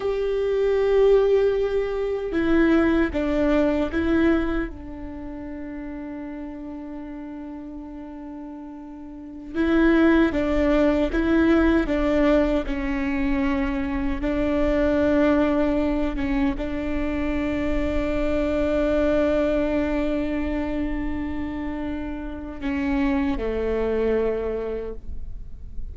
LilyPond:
\new Staff \with { instrumentName = "viola" } { \time 4/4 \tempo 4 = 77 g'2. e'4 | d'4 e'4 d'2~ | d'1~ | d'16 e'4 d'4 e'4 d'8.~ |
d'16 cis'2 d'4.~ d'16~ | d'8. cis'8 d'2~ d'8.~ | d'1~ | d'4 cis'4 a2 | }